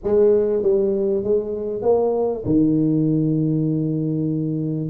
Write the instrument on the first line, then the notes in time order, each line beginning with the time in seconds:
tuba
0.03 G#3
0.62 G3
1.23 G#3
1.82 A#3
2.45 D#3